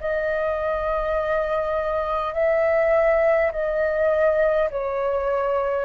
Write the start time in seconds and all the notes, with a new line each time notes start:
0.00 D#5
2.34 E5
3.52 D#5
4.70 C#5